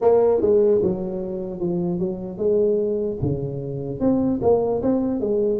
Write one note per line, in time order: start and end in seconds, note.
0.01 0.41 A#3
0.41 0.81 G#3
0.82 1.60 F#3
1.60 1.99 F3
1.99 2.37 F#3
2.37 3.17 G#3
3.21 4.00 C#3
4.00 4.40 C4
4.42 4.82 A#3
4.82 5.20 C4
5.20 5.59 G#3